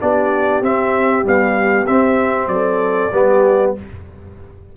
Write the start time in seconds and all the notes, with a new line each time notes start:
0.00 B3 D4 G4 D5
0.62 C4 E5
1.23 G3 B3 F5
1.87 C4 E5
2.48 F#3 A4 D5
3.12 G3 B3 G4